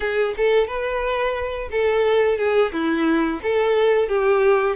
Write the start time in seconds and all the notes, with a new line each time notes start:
0.00 G#4
0.37 A4
0.67 B4
1.71 A4
2.37 G#4
2.72 E4
3.42 A4
4.08 G4